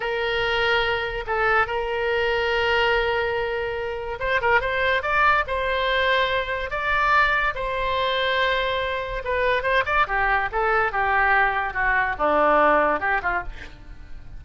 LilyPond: \new Staff \with { instrumentName = "oboe" } { \time 4/4 \tempo 4 = 143 ais'2. a'4 | ais'1~ | ais'2 c''8 ais'8 c''4 | d''4 c''2. |
d''2 c''2~ | c''2 b'4 c''8 d''8 | g'4 a'4 g'2 | fis'4 d'2 g'8 f'8 | }